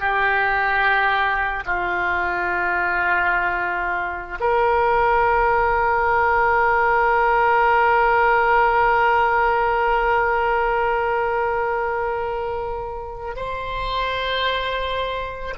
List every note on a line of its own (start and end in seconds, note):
0.00 1.64 G4
1.66 4.38 F4
4.40 13.36 A#4
13.36 15.55 C5